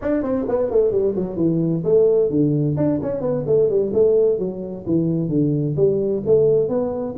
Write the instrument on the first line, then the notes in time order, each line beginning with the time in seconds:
tuba
0.01 D4
0.22 C4
0.48 B3
0.70 A3
0.91 G3
1.15 F#3
1.36 E3
1.83 A3
2.30 D3
2.77 D4
3.02 C#4
3.21 B3
3.46 A3
3.69 G3
3.93 A3
4.38 F#3
4.86 E3
5.28 D3
5.76 G3
6.25 A3
6.69 B3